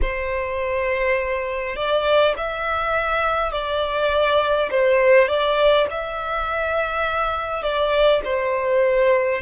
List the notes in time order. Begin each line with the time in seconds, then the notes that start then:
0.01 C5
1.76 D5
2.37 E5
3.52 D5
4.70 C5
5.27 D5
5.90 E5
7.62 D5
8.24 C5